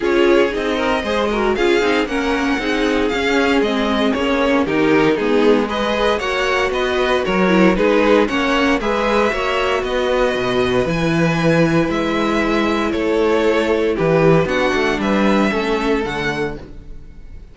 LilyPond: <<
  \new Staff \with { instrumentName = "violin" } { \time 4/4 \tempo 4 = 116 cis''4 dis''2 f''4 | fis''2 f''4 dis''4 | cis''4 ais'4 gis'4 dis''4 | fis''4 dis''4 cis''4 b'4 |
fis''4 e''2 dis''4~ | dis''4 gis''2 e''4~ | e''4 cis''2 b'4 | fis''4 e''2 fis''4 | }
  \new Staff \with { instrumentName = "violin" } { \time 4/4 gis'4. ais'8 c''8 ais'8 gis'4 | ais'4 gis'2.~ | gis'4 g'4 dis'4 b'4 | cis''4 b'4 ais'4 gis'4 |
cis''4 b'4 cis''4 b'4~ | b'1~ | b'4 a'2 g'4 | fis'4 b'4 a'2 | }
  \new Staff \with { instrumentName = "viola" } { \time 4/4 f'4 dis'4 gis'8 fis'8 f'8 dis'8 | cis'4 dis'4 cis'4 c'4 | cis'4 dis'4 b4 gis'4 | fis'2~ fis'8 e'8 dis'4 |
cis'4 gis'4 fis'2~ | fis'4 e'2.~ | e'1 | d'2 cis'4 a4 | }
  \new Staff \with { instrumentName = "cello" } { \time 4/4 cis'4 c'4 gis4 cis'8 c'8 | ais4 c'4 cis'4 gis4 | ais4 dis4 gis2 | ais4 b4 fis4 gis4 |
ais4 gis4 ais4 b4 | b,4 e2 gis4~ | gis4 a2 e4 | b8 a8 g4 a4 d4 | }
>>